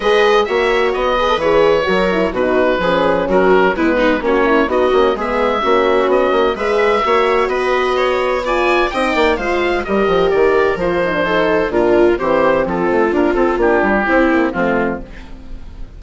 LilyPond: <<
  \new Staff \with { instrumentName = "oboe" } { \time 4/4 \tempo 4 = 128 dis''4 e''4 dis''4 cis''4~ | cis''4 b'2 ais'4 | b'4 cis''4 dis''4 e''4~ | e''4 dis''4 e''2 |
dis''2 gis''4 g''4 | f''4 dis''4 d''4 c''4~ | c''4 ais'4 c''4 a'4 | ais'8 a'8 g'2 f'4 | }
  \new Staff \with { instrumentName = "viola" } { \time 4/4 b'4 cis''4. b'4. | ais'4 fis'4 gis'4 fis'4 | e'8 dis'8 cis'4 fis'4 gis'4 | fis'2 b'4 cis''4 |
b'4 cis''4 d''4 dis''8 d''8 | c''4 ais'2. | a'4 f'4 g'4 f'4~ | f'2 e'4 c'4 | }
  \new Staff \with { instrumentName = "horn" } { \time 4/4 gis'4 fis'4. gis'16 a'16 gis'4 | fis'8 e'8 dis'4 cis'2 | b4 fis'8 e'8 dis'8 cis'8 b4 | cis'2 gis'4 fis'4~ |
fis'2 f'4 dis'4 | f'4 g'2 f'8 dis'16 d'16 | dis'4 d'4 c'2 | ais8 c'8 d'4 c'8 ais8 a4 | }
  \new Staff \with { instrumentName = "bassoon" } { \time 4/4 gis4 ais4 b4 e4 | fis4 b,4 f4 fis4 | gis4 ais4 b8 ais8 gis4 | ais4 b8 ais8 gis4 ais4 |
b2. c'8 ais8 | gis4 g8 f8 dis4 f4~ | f4 ais,4 e4 f8 a8 | d'8 c'8 ais8 g8 c'4 f4 | }
>>